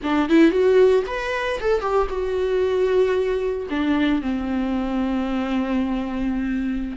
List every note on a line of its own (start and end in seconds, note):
0.03 0.29 D4
0.29 0.51 E4
0.51 1.03 F#4
1.06 1.59 B4
1.60 1.81 A4
1.81 2.07 G4
2.09 3.67 F#4
3.70 4.21 D4
4.21 6.96 C4